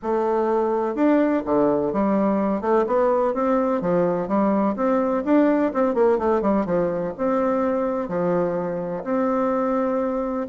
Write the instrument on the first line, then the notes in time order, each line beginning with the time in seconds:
bassoon
0.02 A3
0.95 D4
1.45 D3
1.92 G3
2.61 A3
2.87 B3
3.34 C4
3.81 F3
4.27 G3
4.76 C4
5.24 D4
5.73 C4
5.94 A#3
6.18 A3
6.41 G3
6.65 F3
7.17 C4
8.08 F3
9.04 C4